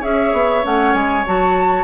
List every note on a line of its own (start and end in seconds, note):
0.00 0.33 C#4
0.00 0.62 G#4
0.00 1.84 C#5
0.00 0.65 E5
0.33 0.64 B3
0.62 0.94 A3
0.62 1.24 C#4
0.62 0.94 F#5
0.94 1.25 G#3
0.94 1.25 G#5
1.26 1.84 F#3
1.26 1.84 F#4
1.26 1.84 A5